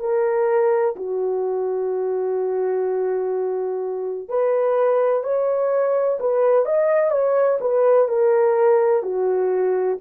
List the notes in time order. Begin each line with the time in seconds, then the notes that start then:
0.00 A#4
0.96 F#4
4.29 B4
5.24 C#5
6.20 B4
6.66 D#5
7.12 C#5
7.61 B4
8.09 A#4
9.03 F#4